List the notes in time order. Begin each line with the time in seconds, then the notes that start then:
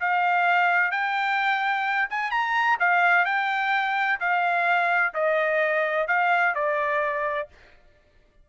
0.00 F5
0.91 G5
2.10 G#5
2.31 A#5
2.80 F5
3.25 G5
4.20 F5
5.14 D#5
6.08 F5
6.55 D5